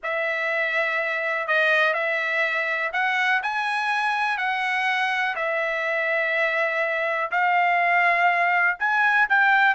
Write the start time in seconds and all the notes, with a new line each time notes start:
0.03 E5
1.47 D#5
1.93 E5
2.92 F#5
3.42 G#5
4.37 F#5
5.35 E5
7.31 F5
8.79 G#5
9.29 G5